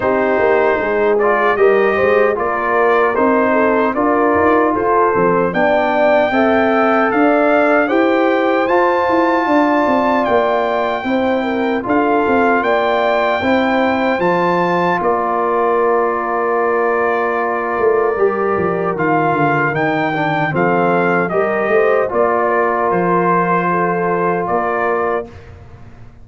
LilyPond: <<
  \new Staff \with { instrumentName = "trumpet" } { \time 4/4 \tempo 4 = 76 c''4. d''8 dis''4 d''4 | c''4 d''4 c''4 g''4~ | g''4 f''4 g''4 a''4~ | a''4 g''2 f''4 |
g''2 a''4 d''4~ | d''1 | f''4 g''4 f''4 dis''4 | d''4 c''2 d''4 | }
  \new Staff \with { instrumentName = "horn" } { \time 4/4 g'4 gis'4 ais'8 c''8 ais'4~ | ais'8 a'8 ais'4 a'4 d''4 | e''4 d''4 c''2 | d''2 c''8 ais'8 a'4 |
d''4 c''2 ais'4~ | ais'1~ | ais'2 a'4 ais'8 c''8 | d''8 ais'4. a'4 ais'4 | }
  \new Staff \with { instrumentName = "trombone" } { \time 4/4 dis'4. f'8 g'4 f'4 | dis'4 f'4. c'8 d'4 | a'2 g'4 f'4~ | f'2 e'4 f'4~ |
f'4 e'4 f'2~ | f'2. g'4 | f'4 dis'8 d'8 c'4 g'4 | f'1 | }
  \new Staff \with { instrumentName = "tuba" } { \time 4/4 c'8 ais8 gis4 g8 gis8 ais4 | c'4 d'8 dis'8 f'8 f8 b4 | c'4 d'4 e'4 f'8 e'8 | d'8 c'8 ais4 c'4 d'8 c'8 |
ais4 c'4 f4 ais4~ | ais2~ ais8 a8 g8 f8 | dis8 d8 dis4 f4 g8 a8 | ais4 f2 ais4 | }
>>